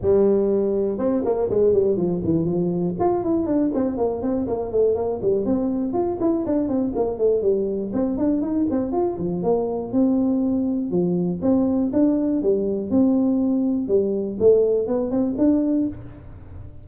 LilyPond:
\new Staff \with { instrumentName = "tuba" } { \time 4/4 \tempo 4 = 121 g2 c'8 ais8 gis8 g8 | f8 e8 f4 f'8 e'8 d'8 c'8 | ais8 c'8 ais8 a8 ais8 g8 c'4 | f'8 e'8 d'8 c'8 ais8 a8 g4 |
c'8 d'8 dis'8 c'8 f'8 f8 ais4 | c'2 f4 c'4 | d'4 g4 c'2 | g4 a4 b8 c'8 d'4 | }